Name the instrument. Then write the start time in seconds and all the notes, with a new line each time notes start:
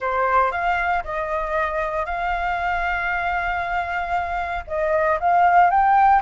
flute
0.00 C5
0.51 F5
1.03 D#5
2.05 F5
4.67 D#5
5.20 F5
5.70 G5